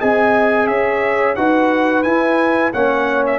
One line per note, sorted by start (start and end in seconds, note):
0.00 0.68 C4
0.00 1.37 G#4
0.00 0.68 D#5
0.00 0.67 G#5
0.67 1.36 C#4
0.67 1.37 C#5
0.67 1.36 E5
1.36 2.05 D#4
1.36 2.05 F#4
1.36 2.73 B4
1.36 2.04 F#5
2.04 2.73 E4
2.04 2.74 E4
2.04 2.72 G#5
2.73 3.39 A#3
2.73 3.39 C#4
2.73 3.39 C#5
2.73 3.24 F#5
3.26 3.39 E5